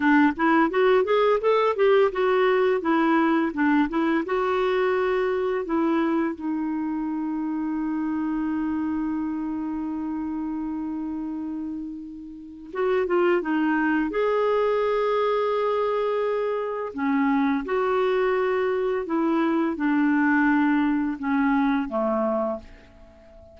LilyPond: \new Staff \with { instrumentName = "clarinet" } { \time 4/4 \tempo 4 = 85 d'8 e'8 fis'8 gis'8 a'8 g'8 fis'4 | e'4 d'8 e'8 fis'2 | e'4 dis'2.~ | dis'1~ |
dis'2 fis'8 f'8 dis'4 | gis'1 | cis'4 fis'2 e'4 | d'2 cis'4 a4 | }